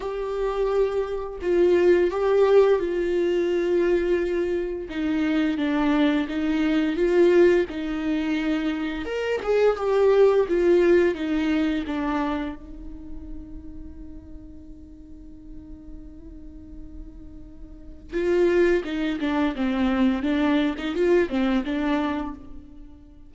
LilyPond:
\new Staff \with { instrumentName = "viola" } { \time 4/4 \tempo 4 = 86 g'2 f'4 g'4 | f'2. dis'4 | d'4 dis'4 f'4 dis'4~ | dis'4 ais'8 gis'8 g'4 f'4 |
dis'4 d'4 dis'2~ | dis'1~ | dis'2 f'4 dis'8 d'8 | c'4 d'8. dis'16 f'8 c'8 d'4 | }